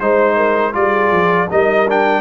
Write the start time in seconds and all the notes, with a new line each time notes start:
0.00 G#3 D#4 C5
0.37 A#4
0.73 G3 F4 G#4 D5
1.12 F3
1.49 G3 D#4 A#4 D#5
1.89 D4 G5